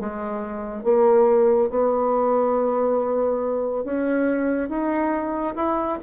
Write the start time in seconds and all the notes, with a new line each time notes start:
0.00 G#3
0.84 A#3
1.70 B3
3.84 C#4
4.69 D#4
5.55 E4